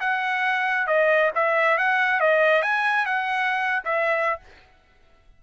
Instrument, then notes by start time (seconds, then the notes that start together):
trumpet
0.00 F#5
0.87 D#5
1.35 E5
1.77 F#5
2.20 D#5
2.62 G#5
3.06 F#5
3.84 E5